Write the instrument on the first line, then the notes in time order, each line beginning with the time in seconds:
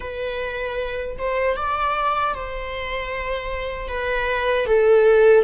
viola
0.00 B4
1.18 C5
1.56 D5
2.34 C5
3.88 B4
4.66 A4